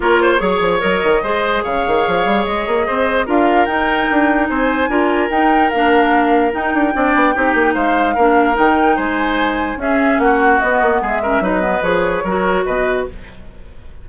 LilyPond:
<<
  \new Staff \with { instrumentName = "flute" } { \time 4/4 \tempo 4 = 147 cis''2 dis''2 | f''2 dis''2 | f''4 g''2 gis''4~ | gis''4 g''4 f''2 |
g''2. f''4~ | f''4 g''4 gis''2 | e''4 fis''4 dis''4 e''4 | dis''4 cis''2 dis''4 | }
  \new Staff \with { instrumentName = "oboe" } { \time 4/4 ais'8 c''8 cis''2 c''4 | cis''2. c''4 | ais'2. c''4 | ais'1~ |
ais'4 d''4 g'4 c''4 | ais'2 c''2 | gis'4 fis'2 gis'8 ais'8 | b'2 ais'4 b'4 | }
  \new Staff \with { instrumentName = "clarinet" } { \time 4/4 f'4 gis'4 ais'4 gis'4~ | gis'1 | f'4 dis'2. | f'4 dis'4 d'2 |
dis'4 d'4 dis'2 | d'4 dis'2. | cis'2 b4. cis'8 | dis'8 b8 gis'4 fis'2 | }
  \new Staff \with { instrumentName = "bassoon" } { \time 4/4 ais4 fis8 f8 fis8 dis8 gis4 | cis8 dis8 f8 g8 gis8 ais8 c'4 | d'4 dis'4 d'4 c'4 | d'4 dis'4 ais2 |
dis'8 d'8 c'8 b8 c'8 ais8 gis4 | ais4 dis4 gis2 | cis'4 ais4 b8 ais8 gis4 | fis4 f4 fis4 b,4 | }
>>